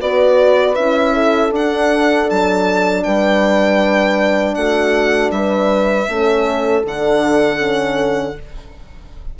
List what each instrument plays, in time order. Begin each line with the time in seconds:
0.00 bassoon B3, horn F#4 B4, violin D5
0.75 bassoon C#4, horn E4, violin E5
1.14 horn A4
1.51 bassoon D4, horn D4, violin F#5
2.30 bassoon F#3, violin A5
3.04 bassoon G3, horn B4, violin G5
4.55 bassoon A3, horn F#4, violin F#5
5.31 bassoon G3, horn B4, violin E5
6.09 bassoon A3, horn C#4 A4
6.84 bassoon D3, horn D4, violin F#5
7.58 horn C#4